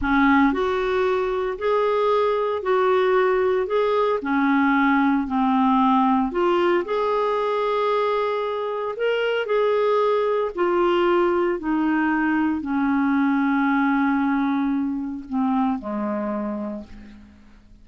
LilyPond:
\new Staff \with { instrumentName = "clarinet" } { \time 4/4 \tempo 4 = 114 cis'4 fis'2 gis'4~ | gis'4 fis'2 gis'4 | cis'2 c'2 | f'4 gis'2.~ |
gis'4 ais'4 gis'2 | f'2 dis'2 | cis'1~ | cis'4 c'4 gis2 | }